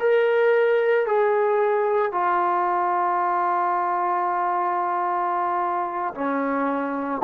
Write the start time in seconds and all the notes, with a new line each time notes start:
0.00 A#4
1.07 G#4
2.12 F4
6.15 C#4